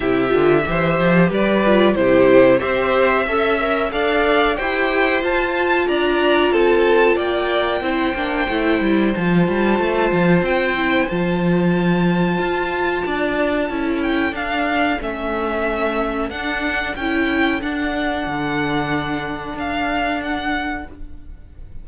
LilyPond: <<
  \new Staff \with { instrumentName = "violin" } { \time 4/4 \tempo 4 = 92 e''2 d''4 c''4 | e''2 f''4 g''4 | a''4 ais''4 a''4 g''4~ | g''2 a''2 |
g''4 a''2.~ | a''4. g''8 f''4 e''4~ | e''4 fis''4 g''4 fis''4~ | fis''2 f''4 fis''4 | }
  \new Staff \with { instrumentName = "violin" } { \time 4/4 g'4 c''4 b'4 g'4 | c''4 e''4 d''4 c''4~ | c''4 d''4 a'4 d''4 | c''1~ |
c''1 | d''4 a'2.~ | a'1~ | a'1 | }
  \new Staff \with { instrumentName = "viola" } { \time 4/4 e'8 f'8 g'4. f'8 e'4 | g'4 a'8 ais'8 a'4 g'4 | f'1 | e'8 d'8 e'4 f'2~ |
f'8 e'8 f'2.~ | f'4 e'4 d'4 cis'4~ | cis'4 d'4 e'4 d'4~ | d'1 | }
  \new Staff \with { instrumentName = "cello" } { \time 4/4 c8 d8 e8 f8 g4 c4 | c'4 cis'4 d'4 e'4 | f'4 d'4 c'4 ais4 | c'8 ais8 a8 g8 f8 g8 a8 f8 |
c'4 f2 f'4 | d'4 cis'4 d'4 a4~ | a4 d'4 cis'4 d'4 | d2 d'2 | }
>>